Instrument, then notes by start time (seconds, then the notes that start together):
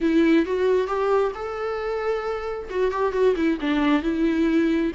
viola
0.00 E4
0.45 F#4
0.87 G4
1.35 A4
2.70 F#4
2.91 G4
3.12 F#4
3.36 E4
3.60 D4
4.02 E4